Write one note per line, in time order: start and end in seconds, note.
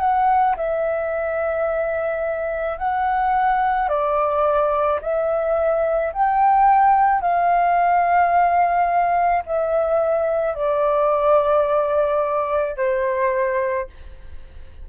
0.00 0.56 F#5
0.57 2.78 E5
2.78 3.88 F#5
3.88 4.99 D5
5.02 6.13 E5
6.13 7.21 G5
7.21 9.43 F5
9.45 10.55 E5
10.55 12.76 D5
12.76 13.87 C5